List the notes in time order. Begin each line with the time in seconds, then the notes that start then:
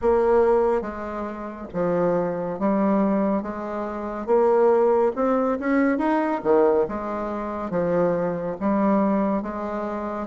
0.01 A#3
0.81 G#3
1.73 F3
2.59 G3
3.42 G#3
4.26 A#3
5.15 C4
5.59 C#4
5.98 D#4
6.43 D#3
6.88 G#3
7.70 F3
8.60 G3
9.42 G#3